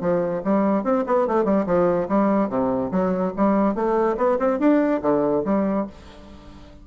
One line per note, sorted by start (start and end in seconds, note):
0.00 0.42 F3
0.44 0.84 G3
0.84 1.04 C4
1.06 1.27 B3
1.27 1.44 A3
1.44 1.65 G3
1.66 2.07 F3
2.08 2.49 G3
2.49 2.91 C3
2.91 3.33 F#3
3.36 3.74 G3
3.74 4.16 A3
4.17 4.38 B3
4.38 4.59 C4
4.59 5.01 D4
5.02 5.43 D3
5.45 5.86 G3